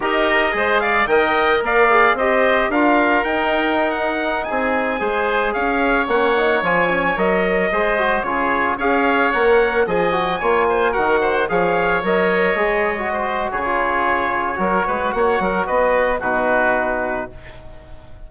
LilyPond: <<
  \new Staff \with { instrumentName = "trumpet" } { \time 4/4 \tempo 4 = 111 dis''4. f''8 g''4 f''4 | dis''4 f''4 g''4~ g''16 fis''8.~ | fis''16 gis''2 f''4 fis''8.~ | fis''16 gis''4 dis''2 cis''8.~ |
cis''16 f''4 fis''4 gis''4.~ gis''16~ | gis''16 fis''4 f''4 dis''4.~ dis''16~ | dis''4 cis''2. | fis''4 dis''4 b'2 | }
  \new Staff \with { instrumentName = "oboe" } { \time 4/4 ais'4 c''8 d''8 dis''4 d''4 | c''4 ais'2.~ | ais'16 gis'4 c''4 cis''4.~ cis''16~ | cis''2~ cis''16 c''4 gis'8.~ |
gis'16 cis''2 dis''4 cis''8 c''16~ | c''16 ais'8 c''8 cis''2~ cis''8.~ | cis''16 c''8. gis'2 ais'8 b'8 | cis''8 ais'8 b'4 fis'2 | }
  \new Staff \with { instrumentName = "trombone" } { \time 4/4 g'4 gis'4 ais'4. gis'8 | g'4 f'4 dis'2~ | dis'4~ dis'16 gis'2 cis'8 dis'16~ | dis'16 f'8 cis'8 ais'4 gis'8 fis'8 f'8.~ |
f'16 gis'4 ais'4 gis'8 fis'8 f'8.~ | f'16 fis'4 gis'4 ais'4 gis'8. | fis'4~ fis'16 f'4.~ f'16 fis'4~ | fis'2 dis'2 | }
  \new Staff \with { instrumentName = "bassoon" } { \time 4/4 dis'4 gis4 dis4 ais4 | c'4 d'4 dis'2~ | dis'16 c'4 gis4 cis'4 ais8.~ | ais16 f4 fis4 gis4 cis8.~ |
cis16 cis'4 ais4 f4 ais8.~ | ais16 dis4 f4 fis4 gis8.~ | gis4 cis2 fis8 gis8 | ais8 fis8 b4 b,2 | }
>>